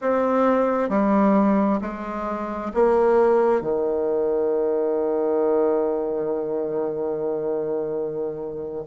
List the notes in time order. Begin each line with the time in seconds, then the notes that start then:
0.01 C4
0.88 G3
1.81 G#3
2.74 A#3
3.61 D#3